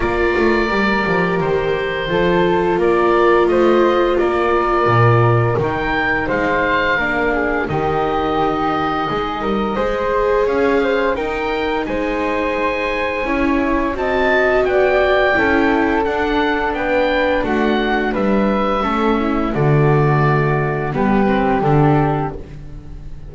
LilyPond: <<
  \new Staff \with { instrumentName = "oboe" } { \time 4/4 \tempo 4 = 86 d''2 c''2 | d''4 dis''4 d''2 | g''4 f''2 dis''4~ | dis''2. f''4 |
g''4 gis''2. | a''4 g''2 fis''4 | g''4 fis''4 e''2 | d''2 b'4 a'4 | }
  \new Staff \with { instrumentName = "flute" } { \time 4/4 ais'2. a'4 | ais'4 c''4 ais'2~ | ais'4 c''4 ais'8 gis'8 g'4~ | g'4 gis'8 ais'8 c''4 cis''8 c''8 |
ais'4 c''2 cis''4 | dis''4 d''4 a'2 | b'4 fis'4 b'4 a'8 e'8 | fis'2 g'2 | }
  \new Staff \with { instrumentName = "viola" } { \time 4/4 f'4 g'2 f'4~ | f'1 | dis'2 d'4 dis'4~ | dis'2 gis'2 |
dis'2. e'4 | fis'2 e'4 d'4~ | d'2. cis'4 | a2 b8 c'8 d'4 | }
  \new Staff \with { instrumentName = "double bass" } { \time 4/4 ais8 a8 g8 f8 dis4 f4 | ais4 a4 ais4 ais,4 | dis4 gis4 ais4 dis4~ | dis4 gis8 g8 gis4 cis'4 |
dis'4 gis2 cis'4 | c'4 b4 cis'4 d'4 | b4 a4 g4 a4 | d2 g4 d4 | }
>>